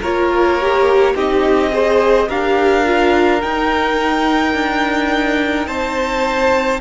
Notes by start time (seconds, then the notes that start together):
0.00 A#3 F4 A#4 C#5
0.61 G4
1.15 C4 D#4 G4 D#5
1.70 G#4 C5
2.28 D4 G4 A#4 F5
2.84 F4
3.41 D#4 G5
4.53 D4
5.66 C4 C5 A5